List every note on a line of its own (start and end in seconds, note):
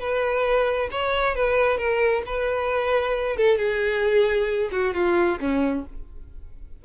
0.00 0.90 B4
0.92 1.36 C#5
1.36 1.78 B4
1.78 2.23 A#4
2.27 3.37 B4
3.37 3.59 A4
3.59 4.71 G#4
4.72 4.94 F#4
4.94 5.39 F4
5.40 5.85 C#4